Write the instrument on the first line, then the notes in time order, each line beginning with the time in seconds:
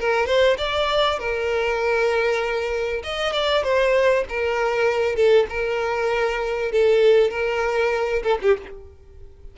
violin
0.00 A#4
0.26 C5
0.58 D5
1.19 A#4
3.04 D#5
3.33 D5
3.63 C5
4.29 A#4
5.16 A4
5.49 A#4
6.72 A4
7.31 A#4
8.23 A4
8.42 G4